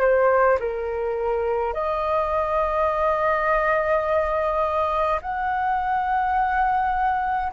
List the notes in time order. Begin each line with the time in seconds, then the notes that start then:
0.00 C5
0.59 A#4
1.74 D#5
5.21 F#5